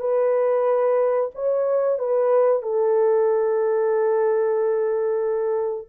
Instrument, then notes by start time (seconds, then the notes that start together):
horn
0.00 B4
1.35 C#5
1.99 B4
2.62 A4